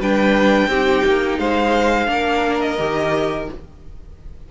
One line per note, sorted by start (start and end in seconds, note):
0.00 0.68 G3
0.00 0.70 D4
0.00 0.69 B4
0.00 1.40 G5
0.68 1.03 C4
0.68 2.07 D#4
0.68 1.39 G4
1.05 1.39 A#3
1.39 2.08 G#3
1.39 2.09 C5
1.39 2.61 F5
2.07 2.78 A#3
2.07 2.77 D4
2.07 3.52 A#4
2.61 3.48 D#5
2.79 3.49 D#3
2.79 3.49 G4